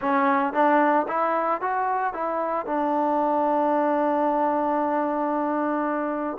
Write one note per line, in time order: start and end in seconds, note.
0.01 0.53 C#4
0.53 1.06 D4
1.08 1.61 E4
1.61 2.13 F#4
2.13 2.65 E4
2.65 6.37 D4